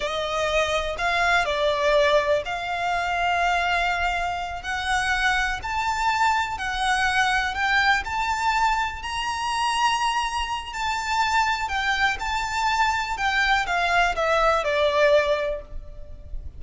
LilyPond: \new Staff \with { instrumentName = "violin" } { \time 4/4 \tempo 4 = 123 dis''2 f''4 d''4~ | d''4 f''2.~ | f''4. fis''2 a''8~ | a''4. fis''2 g''8~ |
g''8 a''2 ais''4.~ | ais''2 a''2 | g''4 a''2 g''4 | f''4 e''4 d''2 | }